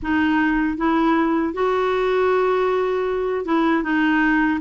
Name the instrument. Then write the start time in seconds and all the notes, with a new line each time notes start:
clarinet
0.02 D#4
0.77 E4
1.53 F#4
3.45 E4
3.83 D#4